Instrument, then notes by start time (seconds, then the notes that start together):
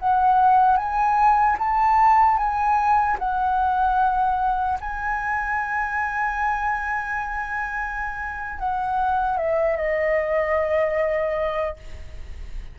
flute
0.00 F#5
0.77 G#5
1.59 A5
2.38 G#5
3.19 F#5
4.81 G#5
8.59 F#5
9.37 E5
9.77 D#5